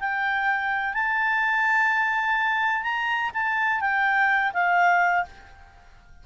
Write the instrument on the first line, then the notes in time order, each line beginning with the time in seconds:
clarinet
0.00 G5
0.94 A5
2.83 A#5
3.34 A5
3.81 G5
4.54 F5